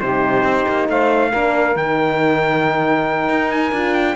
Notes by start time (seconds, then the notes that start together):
0.00 C3 D#4 G4 C5
0.43 C4
0.68 A#3
0.88 A3 C5 F5
1.31 A#3 D4 A#4
1.75 D#3 D#4 G5
3.29 D#4
3.51 G#5
3.72 D4 F4
3.94 G5